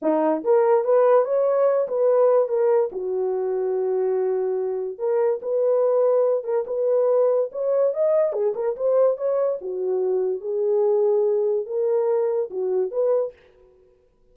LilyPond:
\new Staff \with { instrumentName = "horn" } { \time 4/4 \tempo 4 = 144 dis'4 ais'4 b'4 cis''4~ | cis''8 b'4. ais'4 fis'4~ | fis'1 | ais'4 b'2~ b'8 ais'8 |
b'2 cis''4 dis''4 | gis'8 ais'8 c''4 cis''4 fis'4~ | fis'4 gis'2. | ais'2 fis'4 b'4 | }